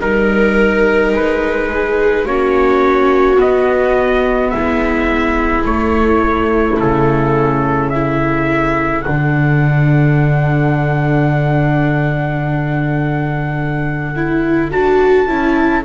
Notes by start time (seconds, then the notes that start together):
0.00 G3 D#4 A#4
1.12 G#3 B4
1.69 G#4
2.25 A#3 C#4 F#4 C#5
3.37 B3 D#5
4.50 G#3 E4 E5
5.65 A3 C#5
6.79 C#3 A4
7.89 E4 A4 E5
9.02 D3 D4 F#5
14.16 E4
14.71 D4 F#4 A5
15.27 C#4 E4